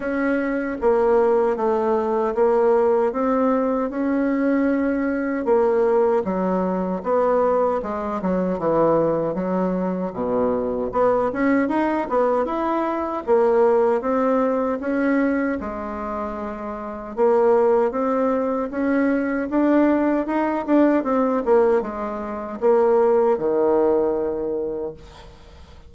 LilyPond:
\new Staff \with { instrumentName = "bassoon" } { \time 4/4 \tempo 4 = 77 cis'4 ais4 a4 ais4 | c'4 cis'2 ais4 | fis4 b4 gis8 fis8 e4 | fis4 b,4 b8 cis'8 dis'8 b8 |
e'4 ais4 c'4 cis'4 | gis2 ais4 c'4 | cis'4 d'4 dis'8 d'8 c'8 ais8 | gis4 ais4 dis2 | }